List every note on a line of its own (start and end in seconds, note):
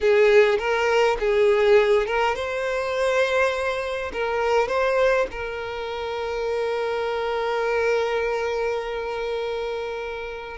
0.01 0.58 G#4
0.58 1.17 A#4
1.19 2.06 G#4
2.06 2.35 A#4
2.35 4.11 C5
4.13 4.68 A#4
4.68 5.26 C5
5.31 10.57 A#4